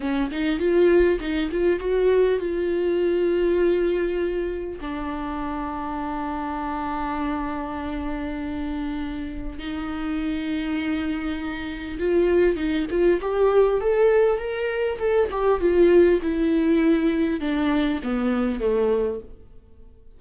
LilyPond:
\new Staff \with { instrumentName = "viola" } { \time 4/4 \tempo 4 = 100 cis'8 dis'8 f'4 dis'8 f'8 fis'4 | f'1 | d'1~ | d'1 |
dis'1 | f'4 dis'8 f'8 g'4 a'4 | ais'4 a'8 g'8 f'4 e'4~ | e'4 d'4 b4 a4 | }